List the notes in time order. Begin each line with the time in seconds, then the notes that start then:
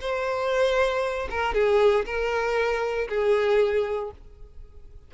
0.00 C5
1.30 A#4
1.54 G#4
2.05 A#4
3.08 G#4